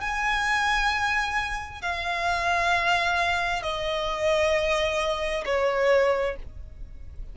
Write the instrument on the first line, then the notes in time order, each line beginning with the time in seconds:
violin
0.00 G#5
1.81 F5
3.62 D#5
5.45 C#5